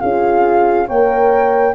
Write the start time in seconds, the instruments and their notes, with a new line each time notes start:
0.00 tuba C#4, horn F4 G#4, flute F5
0.87 tuba A#3, horn A#4 C#5, flute G5